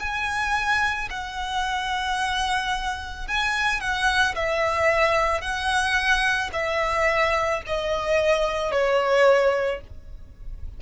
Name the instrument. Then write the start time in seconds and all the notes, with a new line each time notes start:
violin
0.00 G#5
1.11 F#5
3.28 G#5
3.81 F#5
4.36 E5
5.41 F#5
6.54 E5
7.67 D#5
8.72 C#5